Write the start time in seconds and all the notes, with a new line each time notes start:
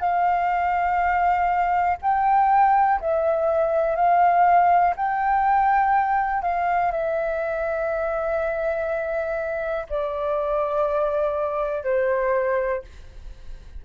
0.00 F5
2.02 G5
3.00 E5
3.96 F5
4.96 G5
6.42 F5
6.91 E5
9.89 D5
11.83 C5